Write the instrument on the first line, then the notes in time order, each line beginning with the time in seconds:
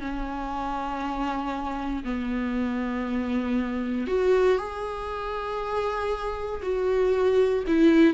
viola
0.00 C#4
2.04 B3
4.07 F#4
4.58 G#4
6.62 F#4
7.67 E4